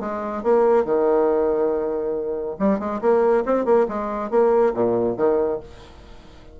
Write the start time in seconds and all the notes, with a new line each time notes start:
0.00 G#3
0.43 A#3
0.85 D#3
2.59 G3
2.79 G#3
3.01 A#3
3.46 C4
3.65 A#3
3.88 G#3
4.30 A#3
4.74 A#2
5.17 D#3